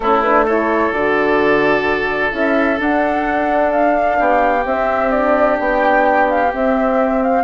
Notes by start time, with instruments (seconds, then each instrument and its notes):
0.00 bassoon A3, horn C#4, oboe E4, flute A4
0.21 horn D4, flute B4
0.45 horn E4, oboe A4, flute C#5
0.92 bassoon D3, horn F#4, flute D5
2.31 bassoon C#4, horn E4, flute E5
2.78 horn D4, bassoon D4, flute F#5
3.71 flute F5
4.19 bassoon B3, oboe G4
4.64 horn C4, bassoon C4, flute E5
5.10 horn D4, flute D5
5.59 bassoon B3, flute G5
6.29 flute F5
6.51 horn C4, bassoon C4, flute E5
7.22 flute F5